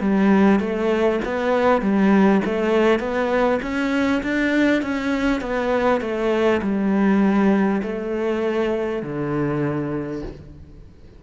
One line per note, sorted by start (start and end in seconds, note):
0.00 0.59 G3
0.59 1.19 A3
1.24 1.81 B3
1.81 2.41 G3
2.44 2.99 A3
2.99 3.59 B3
3.62 4.22 C#4
4.23 4.82 D4
4.82 5.41 C#4
5.41 6.01 B3
6.01 6.61 A3
6.62 7.82 G3
7.82 9.02 A3
9.02 10.22 D3